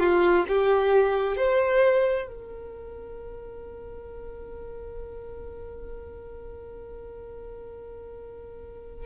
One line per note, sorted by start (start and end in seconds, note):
0.00 0.45 F4
0.48 1.37 G4
1.37 2.28 C5
2.28 9.06 A#4